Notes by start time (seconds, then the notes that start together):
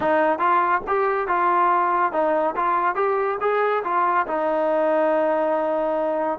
0.00 D#4
0.38 F4
0.87 G4
1.27 F4
2.12 D#4
2.56 F4
2.95 G4
3.40 G#4
3.83 F4
4.26 D#4